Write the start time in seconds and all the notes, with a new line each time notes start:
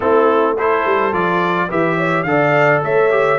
0.00 A3 C4 E4 A4
0.54 E4 A4 C5
0.85 G3
1.12 F3 F4 D5
1.68 E3 G4 B4 E5
1.96 C#5
2.23 D3 A4 D5 F5
2.83 A3 C#5 E5
3.10 G4